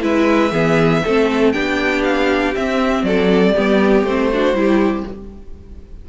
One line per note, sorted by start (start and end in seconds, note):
0.00 0.52 G#3
0.00 0.50 E4
0.00 0.52 B4
0.00 1.52 E5
0.52 1.02 E3
0.52 1.03 B3
0.52 1.02 G#4
1.04 1.55 A3
1.04 1.54 C4
1.04 1.53 A4
1.52 2.55 B3
1.52 2.54 D4
1.52 3.04 G4
1.52 2.02 G5
2.04 2.54 F5
2.54 3.55 C4
2.54 3.03 C4
2.54 3.04 E5
3.03 3.53 F#3
3.03 3.55 A4
3.03 4.05 D5
3.55 4.03 G3
3.55 4.06 B3
3.55 4.30 G4
4.03 4.53 A3
4.03 4.32 C4
4.03 5.06 C5
4.33 4.54 D4
4.33 4.58 F#4
4.53 5.03 G3
4.53 5.05 E4
4.53 5.09 G4